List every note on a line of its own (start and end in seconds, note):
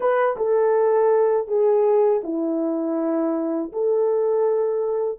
0.00 0.36 B4
0.36 1.47 A4
1.47 2.21 G#4
2.23 3.71 E4
3.72 5.18 A4